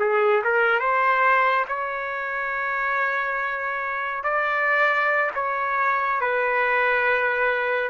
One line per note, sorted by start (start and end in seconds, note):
0.00 0.43 G#4
0.44 0.79 A#4
0.79 1.65 C5
1.68 4.24 C#5
4.24 5.31 D5
5.35 6.21 C#5
6.21 7.90 B4